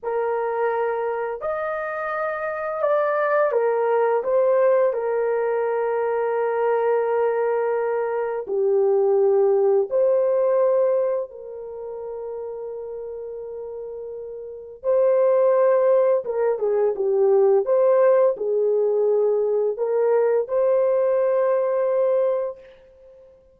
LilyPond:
\new Staff \with { instrumentName = "horn" } { \time 4/4 \tempo 4 = 85 ais'2 dis''2 | d''4 ais'4 c''4 ais'4~ | ais'1 | g'2 c''2 |
ais'1~ | ais'4 c''2 ais'8 gis'8 | g'4 c''4 gis'2 | ais'4 c''2. | }